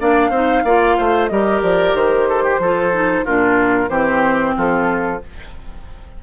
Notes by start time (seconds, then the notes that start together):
0.00 A#3 D4 D5 F5
0.30 C4 D#4 C5
0.65 A#3 F4 D5
0.98 A3 C5
1.28 G3 G4 A#4 D#5
1.63 F3 D5
1.94 D#3 C5
2.29 A4
2.44 G4
2.59 F3 F4 A4
2.93 D#4
3.25 A#2 D4 F4 A#4
3.89 E3 C4 G4 C5
4.58 F3 F4 A4